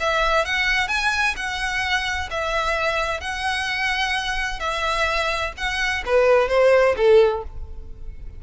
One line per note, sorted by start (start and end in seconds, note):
0.00 0.45 E5
0.45 0.88 F#5
0.88 1.35 G#5
1.36 2.29 F#5
2.30 3.21 E5
3.21 4.60 F#5
4.60 5.53 E5
5.57 6.04 F#5
6.05 6.49 B4
6.49 6.95 C5
6.97 7.43 A4